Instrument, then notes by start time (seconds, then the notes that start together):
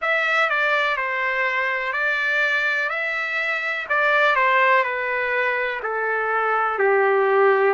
trumpet
0.01 E5
0.49 D5
0.97 C5
1.92 D5
2.89 E5
3.89 D5
4.35 C5
4.83 B4
5.82 A4
6.78 G4